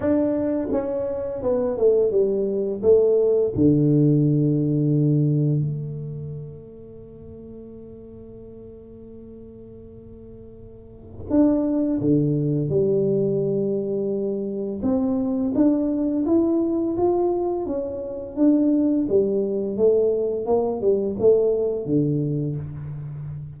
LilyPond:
\new Staff \with { instrumentName = "tuba" } { \time 4/4 \tempo 4 = 85 d'4 cis'4 b8 a8 g4 | a4 d2. | a1~ | a1 |
d'4 d4 g2~ | g4 c'4 d'4 e'4 | f'4 cis'4 d'4 g4 | a4 ais8 g8 a4 d4 | }